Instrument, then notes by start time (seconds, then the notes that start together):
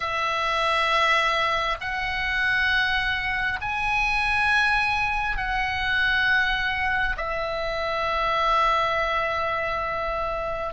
oboe
0.00 E5
1.80 F#5
3.61 G#5
5.37 F#5
7.16 E5